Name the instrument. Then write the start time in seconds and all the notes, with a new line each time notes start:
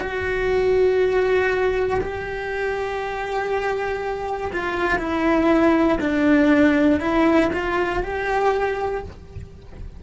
cello
0.00 F#4
2.00 G4
4.52 F4
4.98 E4
6.00 D4
7.00 E4
7.52 F4
8.03 G4